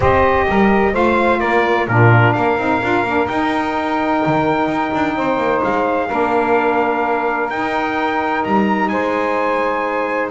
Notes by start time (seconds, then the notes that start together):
0.00 C4 G4 C5 D#5
0.48 G3 A#4
0.92 A3 F4 C5 F5
1.39 A#3 A#4 D5
1.87 A#2 D4 F4 A#4
2.33 A#3 A#4 F5
2.57 C4 D#4
2.82 D4 F4
3.03 A#3 D4
3.27 D#4 G5
4.25 D#3
4.67 D#4
4.94 D4
5.16 C4 C5
5.37 A#3
5.63 G#3 F5
6.07 A#3 D4 A#4
7.50 D#4 G5
8.44 G3 A#5
8.88 G#3 C5 G#5